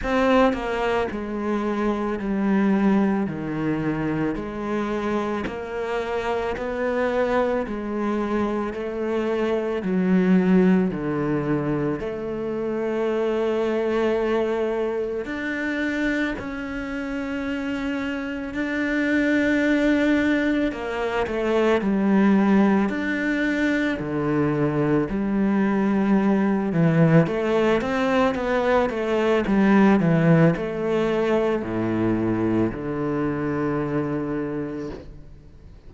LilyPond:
\new Staff \with { instrumentName = "cello" } { \time 4/4 \tempo 4 = 55 c'8 ais8 gis4 g4 dis4 | gis4 ais4 b4 gis4 | a4 fis4 d4 a4~ | a2 d'4 cis'4~ |
cis'4 d'2 ais8 a8 | g4 d'4 d4 g4~ | g8 e8 a8 c'8 b8 a8 g8 e8 | a4 a,4 d2 | }